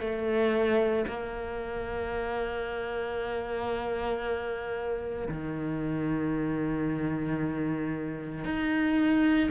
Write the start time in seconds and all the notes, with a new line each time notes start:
0.00 A3
1.08 A#3
5.29 D#3
8.45 D#4